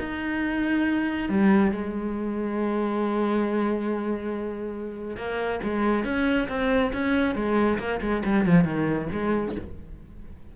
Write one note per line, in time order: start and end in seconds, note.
0.00 1.30 D#4
1.30 1.72 G3
1.72 5.17 G#3
5.17 5.60 A#3
5.64 6.05 G#3
6.05 6.48 C#4
6.49 6.92 C4
6.93 7.35 C#4
7.35 7.79 G#3
7.79 8.01 A#3
8.01 8.23 G#3
8.25 8.46 G3
8.46 8.65 F3
8.65 9.08 D#3
9.12 9.56 G#3